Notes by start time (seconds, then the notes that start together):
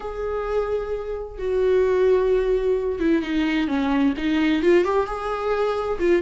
0.00 G#4
1.38 F#4
2.99 E4
3.22 D#4
3.67 C#4
4.17 D#4
4.62 F4
4.84 G4
5.06 G#4
5.99 F4